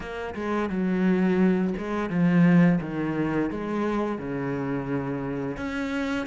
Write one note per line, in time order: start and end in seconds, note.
0.00 0.34 A#3
0.35 0.69 G#3
0.69 1.74 F#3
1.77 2.09 G#3
2.09 2.79 F3
2.80 3.50 D#3
3.50 4.18 G#3
4.18 5.57 C#3
5.57 6.26 C#4